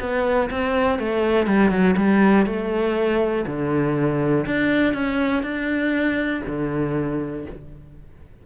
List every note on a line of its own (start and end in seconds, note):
0.00 0.50 B3
0.50 0.99 C4
0.99 1.47 A3
1.47 1.71 G3
1.71 1.95 F#3
1.97 2.46 G3
2.46 3.46 A3
3.47 4.46 D3
4.46 4.94 D4
4.94 5.43 C#4
5.43 6.42 D4
6.47 7.46 D3